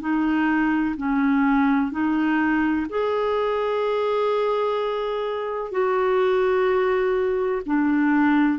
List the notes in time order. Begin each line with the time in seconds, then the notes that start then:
0.00 D#4
0.97 C#4
1.91 D#4
2.89 G#4
5.71 F#4
7.66 D4